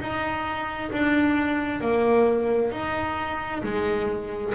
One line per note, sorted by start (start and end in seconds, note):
0.00 0.91 D#4
0.92 1.81 D4
1.81 2.72 A#3
2.72 3.63 D#4
3.63 4.54 G#3